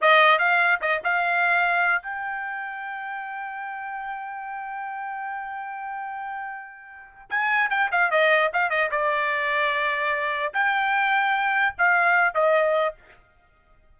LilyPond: \new Staff \with { instrumentName = "trumpet" } { \time 4/4 \tempo 4 = 148 dis''4 f''4 dis''8 f''4.~ | f''4 g''2.~ | g''1~ | g''1~ |
g''2 gis''4 g''8 f''8 | dis''4 f''8 dis''8 d''2~ | d''2 g''2~ | g''4 f''4. dis''4. | }